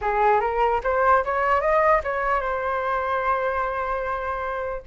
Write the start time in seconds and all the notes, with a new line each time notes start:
0.01 G#4
0.40 A#4
0.83 C5
1.24 C#5
1.61 D#5
2.03 C#5
2.41 C5